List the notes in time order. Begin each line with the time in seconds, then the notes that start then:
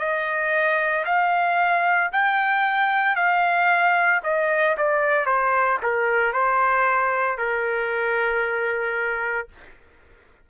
0.00 D#5
1.06 F5
2.12 G5
3.16 F5
4.24 D#5
4.78 D5
5.26 C5
5.83 A#4
6.33 C5
7.38 A#4